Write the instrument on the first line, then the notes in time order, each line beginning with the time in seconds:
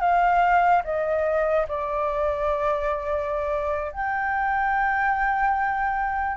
flute
0.00 F5
0.84 D#5
1.68 D5
3.92 G5